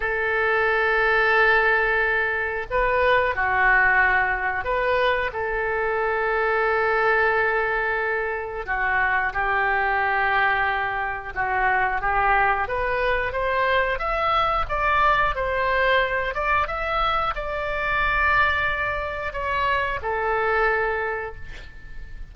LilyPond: \new Staff \with { instrumentName = "oboe" } { \time 4/4 \tempo 4 = 90 a'1 | b'4 fis'2 b'4 | a'1~ | a'4 fis'4 g'2~ |
g'4 fis'4 g'4 b'4 | c''4 e''4 d''4 c''4~ | c''8 d''8 e''4 d''2~ | d''4 cis''4 a'2 | }